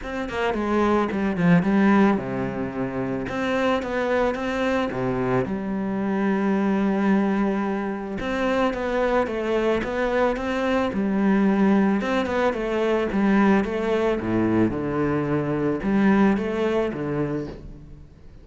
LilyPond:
\new Staff \with { instrumentName = "cello" } { \time 4/4 \tempo 4 = 110 c'8 ais8 gis4 g8 f8 g4 | c2 c'4 b4 | c'4 c4 g2~ | g2. c'4 |
b4 a4 b4 c'4 | g2 c'8 b8 a4 | g4 a4 a,4 d4~ | d4 g4 a4 d4 | }